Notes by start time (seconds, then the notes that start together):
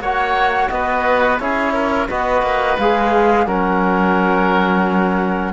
0.00 A#3 F#4 C#5 F#5
0.70 B3 B4 D#5
1.40 C#4 E4 G#4 C#5
1.74 A#4
2.09 B3 F#4 B4 D#5
2.42 A#3
2.78 G#3 G#4 F5
3.47 F#3 C#4 A#4 F#5